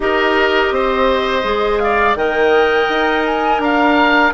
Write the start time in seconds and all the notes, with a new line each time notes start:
0.00 D#4 G4 A#4 D#5
0.71 C4 C5
1.44 G#3 G#4
1.78 D5 F5
2.15 D#3 A#4 D#5 G5
2.88 D#4
3.25 G#5
3.58 D4 F5 A#5